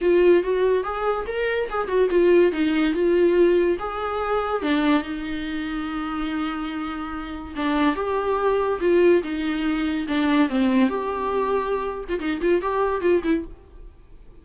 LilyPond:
\new Staff \with { instrumentName = "viola" } { \time 4/4 \tempo 4 = 143 f'4 fis'4 gis'4 ais'4 | gis'8 fis'8 f'4 dis'4 f'4~ | f'4 gis'2 d'4 | dis'1~ |
dis'2 d'4 g'4~ | g'4 f'4 dis'2 | d'4 c'4 g'2~ | g'8. f'16 dis'8 f'8 g'4 f'8 e'8 | }